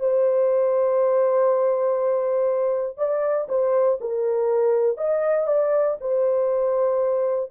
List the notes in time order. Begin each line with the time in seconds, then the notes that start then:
0.00 C5
2.98 D5
3.49 C5
4.00 A#4
4.98 D#5
5.47 D5
6.01 C5